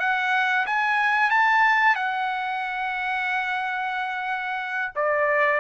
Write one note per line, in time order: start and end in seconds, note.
0.00 0.66 F#5
0.67 1.31 G#5
1.31 1.96 A5
1.96 4.92 F#5
4.96 5.60 D5